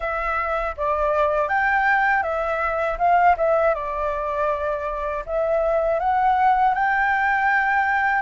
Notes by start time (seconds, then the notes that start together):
0.00 E5
0.76 D5
1.48 G5
2.22 E5
2.98 F5
3.37 E5
3.74 D5
5.25 E5
5.99 F#5
6.74 G5